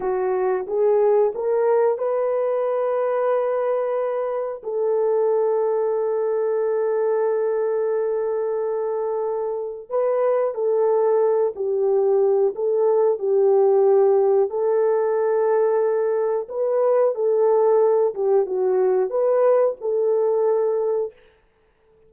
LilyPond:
\new Staff \with { instrumentName = "horn" } { \time 4/4 \tempo 4 = 91 fis'4 gis'4 ais'4 b'4~ | b'2. a'4~ | a'1~ | a'2. b'4 |
a'4. g'4. a'4 | g'2 a'2~ | a'4 b'4 a'4. g'8 | fis'4 b'4 a'2 | }